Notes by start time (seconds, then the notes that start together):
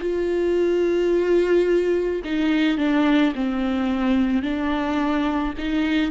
0.00 F4
2.24 D#4
2.78 D4
3.34 C4
4.42 D4
5.58 D#4